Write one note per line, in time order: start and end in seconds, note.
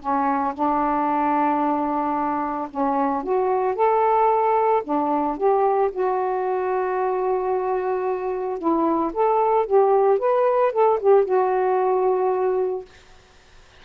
0.00 0.54 C#4
0.54 2.68 D4
2.71 3.23 C#4
3.23 3.75 F#4
3.75 4.82 A4
4.84 5.37 D4
5.37 5.91 G4
5.92 8.58 F#4
8.58 9.12 E4
9.13 9.66 A4
9.66 10.19 G4
10.19 10.72 B4
10.72 10.99 A4
11.00 11.25 G4
11.25 12.85 F#4